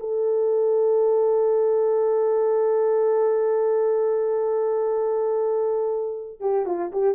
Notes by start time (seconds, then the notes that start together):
0.00 A4
6.40 G4
6.66 F4
6.92 G4